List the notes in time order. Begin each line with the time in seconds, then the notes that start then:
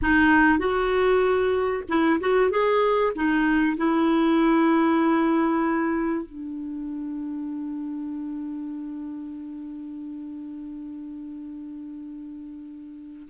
0.01 D#4
0.58 F#4
1.88 E4
2.20 F#4
2.50 G#4
3.15 D#4
3.77 E4
6.25 D4